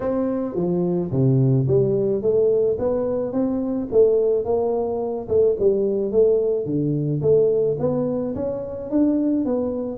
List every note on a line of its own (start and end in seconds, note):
0.00 0.55 C4
0.55 1.10 F3
1.11 1.66 C3
1.67 2.21 G3
2.21 2.77 A3
2.78 3.32 B3
3.32 3.88 C4
3.91 4.44 A3
4.44 5.28 A#3
5.28 5.56 A3
5.59 6.11 G3
6.11 6.65 A3
6.65 7.21 D3
7.21 7.77 A3
7.79 8.34 B3
8.35 8.90 C#4
8.90 9.45 D4
9.45 9.97 B3